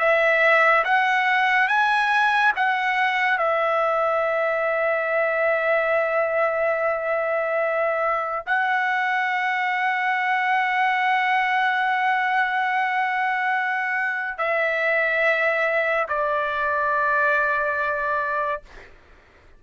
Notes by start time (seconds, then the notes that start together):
0.00 E5
0.85 F#5
1.68 G#5
2.57 F#5
3.38 E5
8.47 F#5
14.39 E5
16.09 D5